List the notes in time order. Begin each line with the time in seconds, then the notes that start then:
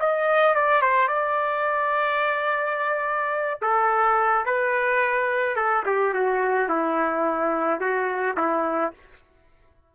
0.00 D#5
0.55 D5
0.82 C5
1.08 D5
3.61 A4
4.46 B4
5.56 A4
5.86 G4
6.14 F#4
6.69 E4
7.80 F#4
8.37 E4